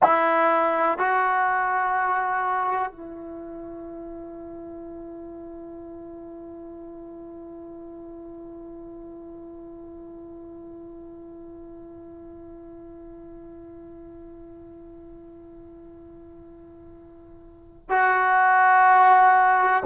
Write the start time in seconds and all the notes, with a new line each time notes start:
0.03 E4
0.98 F#4
2.91 E4
17.89 F#4